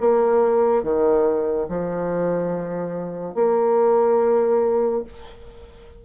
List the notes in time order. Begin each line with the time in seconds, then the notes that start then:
0.00 A#3
0.83 D#3
1.69 F3
3.35 A#3